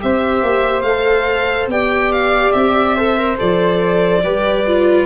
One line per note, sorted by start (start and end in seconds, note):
0.00 0.43 C4
0.00 0.85 G4
0.00 1.72 C5
0.00 0.82 E5
0.43 0.83 A#3
0.82 1.68 A3
0.82 1.67 F5
0.89 1.71 A4
1.68 2.52 B3
1.68 2.98 G4
1.68 2.96 D5
1.68 2.12 G5
2.12 2.52 F5
2.52 3.39 C4
2.52 3.36 E5
2.96 3.18 A4
2.96 4.23 C5
3.18 3.37 A#4
3.37 4.24 F3
3.37 4.22 A4
3.37 5.07 D5
4.24 5.07 G3
4.24 4.66 G4
4.24 5.07 B4
4.67 5.07 F4